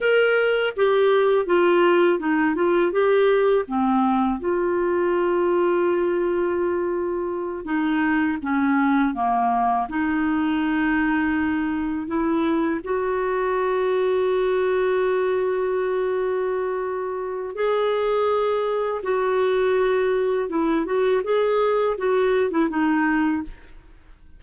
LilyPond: \new Staff \with { instrumentName = "clarinet" } { \time 4/4 \tempo 4 = 82 ais'4 g'4 f'4 dis'8 f'8 | g'4 c'4 f'2~ | f'2~ f'8 dis'4 cis'8~ | cis'8 ais4 dis'2~ dis'8~ |
dis'8 e'4 fis'2~ fis'8~ | fis'1 | gis'2 fis'2 | e'8 fis'8 gis'4 fis'8. e'16 dis'4 | }